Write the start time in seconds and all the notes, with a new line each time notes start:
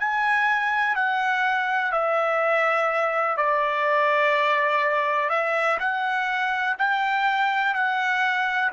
0.00 G#5
0.95 F#5
1.92 E5
3.37 D5
5.30 E5
5.80 F#5
6.78 G5
7.75 F#5